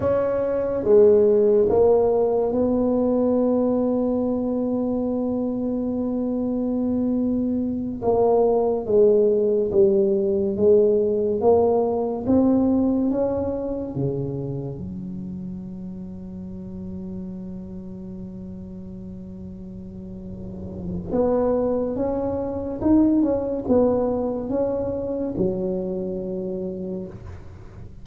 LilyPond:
\new Staff \with { instrumentName = "tuba" } { \time 4/4 \tempo 4 = 71 cis'4 gis4 ais4 b4~ | b1~ | b4. ais4 gis4 g8~ | g8 gis4 ais4 c'4 cis'8~ |
cis'8 cis4 fis2~ fis8~ | fis1~ | fis4 b4 cis'4 dis'8 cis'8 | b4 cis'4 fis2 | }